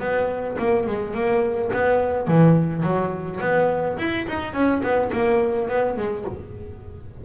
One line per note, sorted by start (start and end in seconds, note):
0.00 0.57 B3
0.59 0.87 A#3
0.87 1.14 G#3
1.14 1.71 A#3
1.73 2.27 B3
2.27 2.83 E3
2.83 3.40 F#3
3.41 3.97 B3
3.98 4.26 E4
4.28 4.53 D#4
4.53 4.82 C#4
4.83 5.11 B3
5.12 5.69 A#3
5.69 5.97 B3
5.97 6.25 G#3